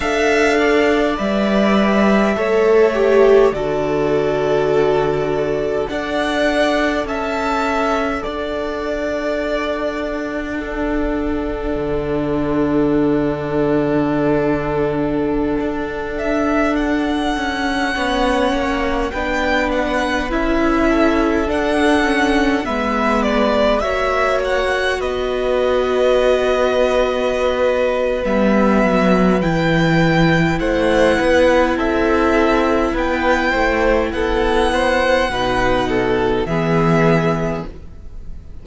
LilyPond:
<<
  \new Staff \with { instrumentName = "violin" } { \time 4/4 \tempo 4 = 51 f''4 e''2 d''4~ | d''4 fis''4 a''4 fis''4~ | fis''1~ | fis''4.~ fis''16 e''8 fis''4.~ fis''16~ |
fis''16 g''8 fis''8 e''4 fis''4 e''8 d''16~ | d''16 e''8 fis''8 dis''2~ dis''8. | e''4 g''4 fis''4 e''4 | g''4 fis''2 e''4 | }
  \new Staff \with { instrumentName = "violin" } { \time 4/4 e''8 d''4. cis''4 a'4~ | a'4 d''4 e''4 d''4~ | d''4 a'2.~ | a'2.~ a'16 cis''8.~ |
cis''16 b'4. a'4. b'8.~ | b'16 cis''4 b'2~ b'8.~ | b'2 c''8 b'8 a'4 | b'8 c''8 a'8 c''8 b'8 a'8 gis'4 | }
  \new Staff \with { instrumentName = "viola" } { \time 4/4 a'4 b'4 a'8 g'8 fis'4~ | fis'4 a'2.~ | a'4 d'2.~ | d'2.~ d'16 cis'8.~ |
cis'16 d'4 e'4 d'8 cis'8 b8.~ | b16 fis'2.~ fis'8. | b4 e'2.~ | e'2 dis'4 b4 | }
  \new Staff \with { instrumentName = "cello" } { \time 4/4 d'4 g4 a4 d4~ | d4 d'4 cis'4 d'4~ | d'2 d2~ | d4~ d16 d'4. cis'8 b8 ais16~ |
ais16 b4 cis'4 d'4 gis8.~ | gis16 ais4 b2~ b8. | g8 fis8 e4 a8 b8 c'4 | b8 a8 b4 b,4 e4 | }
>>